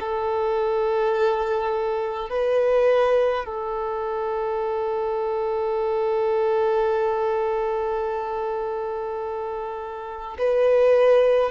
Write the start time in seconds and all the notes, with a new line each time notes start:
0.00 A4
2.30 B4
3.45 A4
10.38 B4